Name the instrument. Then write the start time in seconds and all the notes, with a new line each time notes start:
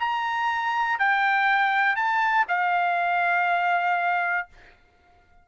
trumpet
0.00 A#5
0.99 G5
1.96 A5
2.48 F5